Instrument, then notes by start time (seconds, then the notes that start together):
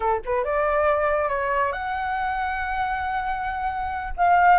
flute
0.00 A4
0.25 B4
0.44 D5
1.28 C#5
1.72 F#5
4.16 F5